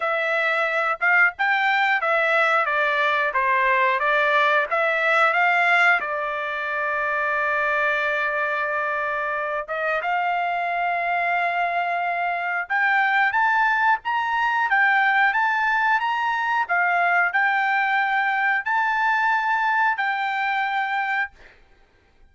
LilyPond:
\new Staff \with { instrumentName = "trumpet" } { \time 4/4 \tempo 4 = 90 e''4. f''8 g''4 e''4 | d''4 c''4 d''4 e''4 | f''4 d''2.~ | d''2~ d''8 dis''8 f''4~ |
f''2. g''4 | a''4 ais''4 g''4 a''4 | ais''4 f''4 g''2 | a''2 g''2 | }